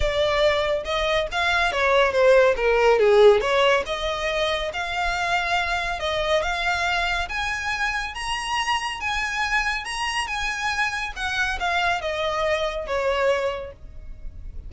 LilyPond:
\new Staff \with { instrumentName = "violin" } { \time 4/4 \tempo 4 = 140 d''2 dis''4 f''4 | cis''4 c''4 ais'4 gis'4 | cis''4 dis''2 f''4~ | f''2 dis''4 f''4~ |
f''4 gis''2 ais''4~ | ais''4 gis''2 ais''4 | gis''2 fis''4 f''4 | dis''2 cis''2 | }